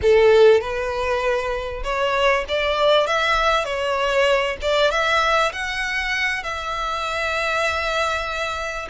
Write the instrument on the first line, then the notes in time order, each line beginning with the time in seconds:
violin
0.02 A4
0.60 B4
1.83 C#5
2.48 D5
3.06 E5
3.65 C#5
4.61 D5
4.90 E5
5.52 F#5
6.43 E5